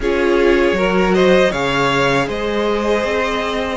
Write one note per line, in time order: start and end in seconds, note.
0.00 0.72 C#4
0.00 0.74 F4
0.00 0.77 G#4
0.00 1.14 C#5
0.72 1.48 F#3
0.72 1.50 F#4
0.72 1.14 A#4
1.14 1.50 C5
1.14 1.52 D#5
1.50 2.28 C#3
1.50 3.77 G#4
1.50 2.26 C#5
1.50 2.28 F5
2.26 3.04 G#3
2.26 3.77 C5
2.26 3.77 D#5
3.04 3.77 C4